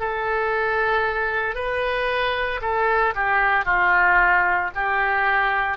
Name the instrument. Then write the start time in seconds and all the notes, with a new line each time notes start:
oboe
0.00 A4
1.55 B4
2.62 A4
3.15 G4
3.66 F4
4.75 G4